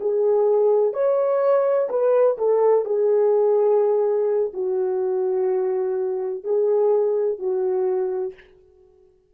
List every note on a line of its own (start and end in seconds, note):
0.00 0.94 G#4
0.94 1.89 C#5
1.89 2.37 B4
2.38 2.85 A4
2.85 4.52 G#4
4.53 6.44 F#4
6.44 7.39 G#4
7.39 8.34 F#4